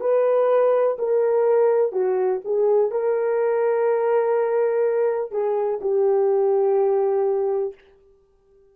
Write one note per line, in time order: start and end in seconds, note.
0.00 0.97 B4
0.99 1.92 A#4
1.92 2.40 F#4
2.44 2.91 G#4
2.91 5.31 A#4
5.31 5.79 G#4
5.80 7.74 G4